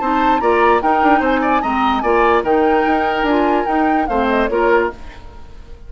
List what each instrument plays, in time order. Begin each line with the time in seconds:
0.00 bassoon C4, clarinet D#4, oboe C5, flute A5
0.41 bassoon A#3, clarinet F4, oboe D5, flute A#5
0.82 clarinet D#4, bassoon D#4, oboe A#4, flute G5
1.03 bassoon D4
1.20 bassoon C4, oboe C5, flute G#5
1.42 oboe D5
1.62 bassoon G#3, clarinet C4, oboe D#5, flute A#5
2.01 bassoon A#3, clarinet F4, oboe D5, flute G#5
2.43 bassoon D#3, clarinet D#4, oboe A#4, flute G5
2.87 bassoon D#4
3.23 bassoon D4, clarinet F4, flute G#5
3.66 clarinet D#4, bassoon D#4, flute G5
4.07 bassoon A3, clarinet C4, oboe C5, flute F5
4.29 flute D#5
4.47 bassoon A#3, clarinet F4, oboe A#4, flute C#5